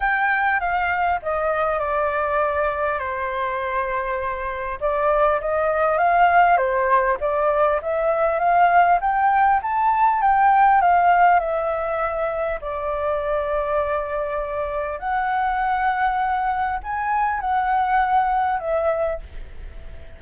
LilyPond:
\new Staff \with { instrumentName = "flute" } { \time 4/4 \tempo 4 = 100 g''4 f''4 dis''4 d''4~ | d''4 c''2. | d''4 dis''4 f''4 c''4 | d''4 e''4 f''4 g''4 |
a''4 g''4 f''4 e''4~ | e''4 d''2.~ | d''4 fis''2. | gis''4 fis''2 e''4 | }